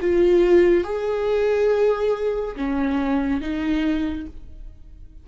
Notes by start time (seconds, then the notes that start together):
0.00 F4
0.83 G#4
2.56 C#4
3.41 D#4